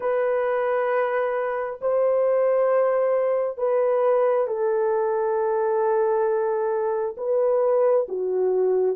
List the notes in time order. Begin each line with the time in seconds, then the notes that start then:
0.00 B4
1.81 C5
3.57 B4
4.47 A4
7.17 B4
8.08 F#4